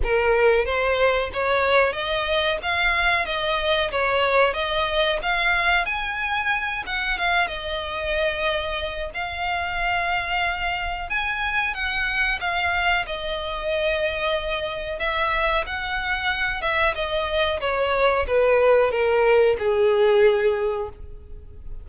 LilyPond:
\new Staff \with { instrumentName = "violin" } { \time 4/4 \tempo 4 = 92 ais'4 c''4 cis''4 dis''4 | f''4 dis''4 cis''4 dis''4 | f''4 gis''4. fis''8 f''8 dis''8~ | dis''2 f''2~ |
f''4 gis''4 fis''4 f''4 | dis''2. e''4 | fis''4. e''8 dis''4 cis''4 | b'4 ais'4 gis'2 | }